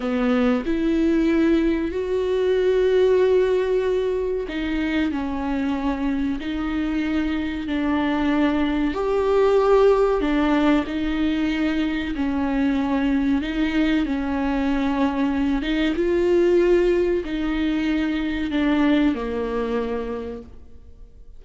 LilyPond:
\new Staff \with { instrumentName = "viola" } { \time 4/4 \tempo 4 = 94 b4 e'2 fis'4~ | fis'2. dis'4 | cis'2 dis'2 | d'2 g'2 |
d'4 dis'2 cis'4~ | cis'4 dis'4 cis'2~ | cis'8 dis'8 f'2 dis'4~ | dis'4 d'4 ais2 | }